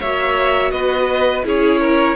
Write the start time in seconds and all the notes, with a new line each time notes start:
0.00 A#3 F#4 C#5 E5
0.71 B3 B4 D#5
1.44 C#4 E4 G#4 C#5
1.81 A#4